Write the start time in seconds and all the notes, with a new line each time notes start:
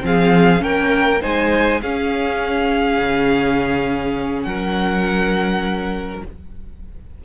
0.00 F3 C4 G#4 F5
0.59 A#3 C#4 A#4 G5
1.21 G#3 D#4 C5 G#5
1.81 C#4 G#4 F5
2.98 C#3
4.41 F#3 F#5
4.48 A#4